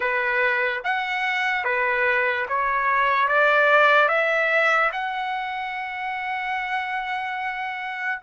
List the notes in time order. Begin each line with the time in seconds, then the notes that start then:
0.00 B4
0.84 F#5
1.64 B4
2.48 C#5
3.28 D5
4.08 E5
4.92 F#5